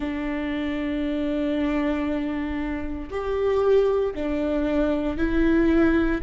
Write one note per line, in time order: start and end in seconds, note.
0.00 3.09 D4
3.10 4.14 G4
4.14 5.17 D4
5.17 6.21 E4